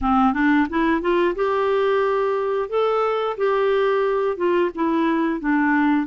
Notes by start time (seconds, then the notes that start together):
0.01 C4
0.33 D4
0.69 E4
1.01 F4
1.35 G4
2.69 A4
3.37 G4
4.36 F4
4.74 E4
5.40 D4